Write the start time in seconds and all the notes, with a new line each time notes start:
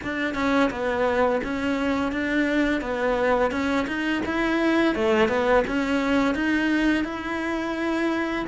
0.03 D4
0.34 C#4
0.70 B3
1.43 C#4
2.12 D4
2.81 B3
3.51 C#4
3.87 D#4
4.25 E4
4.95 A3
5.28 B3
5.67 C#4
6.34 D#4
7.04 E4